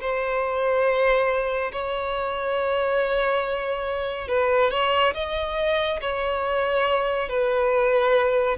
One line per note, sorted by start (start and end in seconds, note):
0.00 1.71 C5
1.72 4.27 C#5
4.27 4.70 B4
4.70 5.13 C#5
5.14 6.00 D#5
6.01 7.29 C#5
7.29 8.57 B4